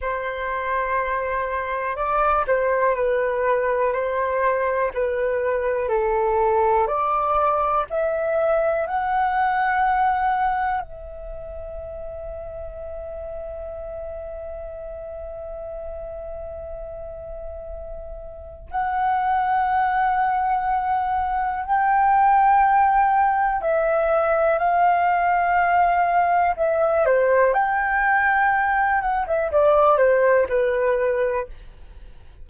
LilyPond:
\new Staff \with { instrumentName = "flute" } { \time 4/4 \tempo 4 = 61 c''2 d''8 c''8 b'4 | c''4 b'4 a'4 d''4 | e''4 fis''2 e''4~ | e''1~ |
e''2. fis''4~ | fis''2 g''2 | e''4 f''2 e''8 c''8 | g''4. fis''16 e''16 d''8 c''8 b'4 | }